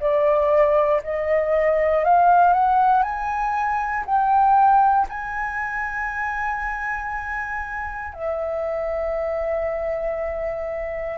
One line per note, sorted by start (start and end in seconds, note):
0.00 1.02 D5
1.04 2.05 D#5
2.05 2.53 F5
2.53 3.03 F#5
3.03 4.05 G#5
4.05 5.07 G5
5.09 8.14 G#5
8.14 11.18 E5